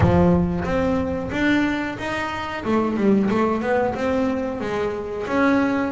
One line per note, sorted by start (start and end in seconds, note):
0.00 0.64 F3
0.64 1.30 C4
1.31 1.97 D4
1.98 2.64 D#4
2.64 2.96 A3
2.96 3.29 G3
3.30 3.61 A3
3.61 3.94 B3
3.94 4.60 C4
4.60 5.26 G#3
5.27 5.92 C#4